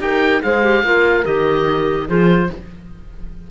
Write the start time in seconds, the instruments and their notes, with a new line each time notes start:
0.00 cello D#4, clarinet G4, horn A#4, oboe G5
0.43 cello G#3, clarinet G#4, horn C5, oboe F5
0.63 clarinet G4
0.84 cello A#3, clarinet F4, horn A#4
1.25 cello D#3, clarinet G4, oboe D#5
2.08 cello F3, clarinet F4, horn G#4, oboe C5